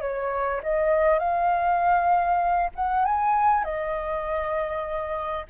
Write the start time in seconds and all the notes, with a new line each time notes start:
0.00 C#5
0.63 D#5
1.19 F5
2.75 F#5
3.04 G#5
3.64 D#5